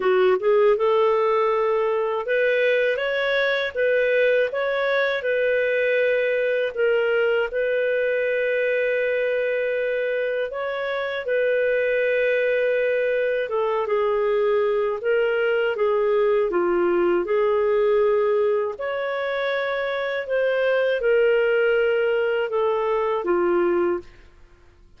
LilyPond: \new Staff \with { instrumentName = "clarinet" } { \time 4/4 \tempo 4 = 80 fis'8 gis'8 a'2 b'4 | cis''4 b'4 cis''4 b'4~ | b'4 ais'4 b'2~ | b'2 cis''4 b'4~ |
b'2 a'8 gis'4. | ais'4 gis'4 f'4 gis'4~ | gis'4 cis''2 c''4 | ais'2 a'4 f'4 | }